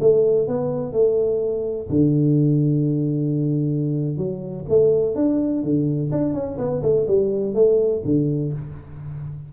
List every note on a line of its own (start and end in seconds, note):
0.00 0.47 A3
0.47 0.92 B3
0.92 1.88 A3
1.89 4.17 D3
4.17 4.65 F#3
4.69 5.15 A3
5.15 5.63 D4
5.63 6.11 D3
6.11 6.34 D4
6.34 6.58 C#4
6.58 6.82 B3
6.82 7.06 A3
7.07 7.54 G3
7.54 8.02 A3
8.04 8.52 D3